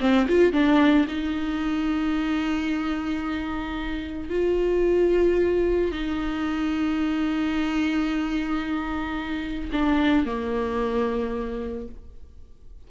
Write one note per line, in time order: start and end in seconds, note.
0.00 0.27 C4
0.28 0.52 F4
0.52 1.06 D4
1.08 4.29 D#4
4.29 5.91 F4
5.91 9.70 D#4
9.72 10.26 D4
10.26 11.88 A#3